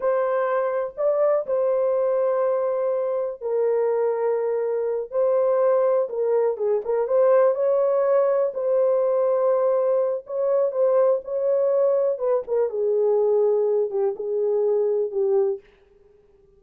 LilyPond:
\new Staff \with { instrumentName = "horn" } { \time 4/4 \tempo 4 = 123 c''2 d''4 c''4~ | c''2. ais'4~ | ais'2~ ais'8 c''4.~ | c''8 ais'4 gis'8 ais'8 c''4 cis''8~ |
cis''4. c''2~ c''8~ | c''4 cis''4 c''4 cis''4~ | cis''4 b'8 ais'8 gis'2~ | gis'8 g'8 gis'2 g'4 | }